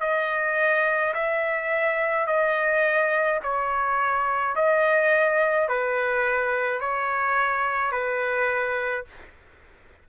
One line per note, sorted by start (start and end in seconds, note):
0.00 1.13 D#5
1.14 2.26 E5
2.26 3.40 D#5
3.43 4.55 C#5
4.55 5.68 D#5
5.68 6.80 B4
6.80 7.91 C#5
7.91 9.05 B4